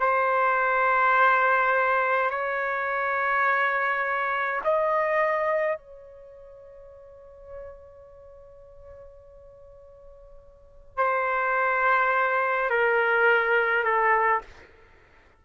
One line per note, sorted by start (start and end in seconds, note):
0.00 2.30 C5
2.30 4.61 C#5
4.64 5.78 D#5
5.78 10.97 C#5
10.97 12.70 C5
12.70 13.84 A#4
13.84 14.41 A4